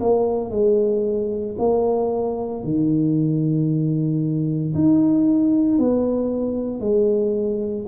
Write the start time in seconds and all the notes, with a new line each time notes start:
0.00 A#3
0.50 G#3
1.58 A#3
2.63 D#3
4.74 D#4
5.78 B3
6.80 G#3